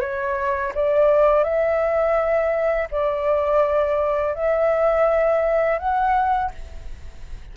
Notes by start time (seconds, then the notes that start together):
0.00 C#5
0.74 D5
1.43 E5
2.91 D5
4.34 E5
5.78 F#5